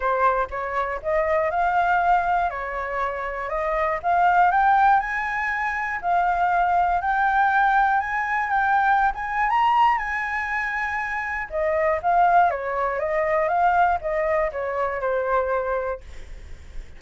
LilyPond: \new Staff \with { instrumentName = "flute" } { \time 4/4 \tempo 4 = 120 c''4 cis''4 dis''4 f''4~ | f''4 cis''2 dis''4 | f''4 g''4 gis''2 | f''2 g''2 |
gis''4 g''4~ g''16 gis''8. ais''4 | gis''2. dis''4 | f''4 cis''4 dis''4 f''4 | dis''4 cis''4 c''2 | }